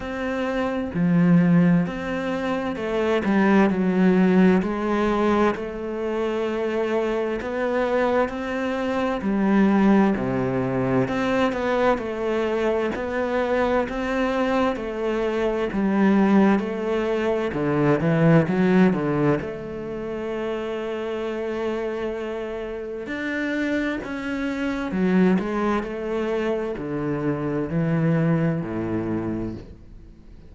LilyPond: \new Staff \with { instrumentName = "cello" } { \time 4/4 \tempo 4 = 65 c'4 f4 c'4 a8 g8 | fis4 gis4 a2 | b4 c'4 g4 c4 | c'8 b8 a4 b4 c'4 |
a4 g4 a4 d8 e8 | fis8 d8 a2.~ | a4 d'4 cis'4 fis8 gis8 | a4 d4 e4 a,4 | }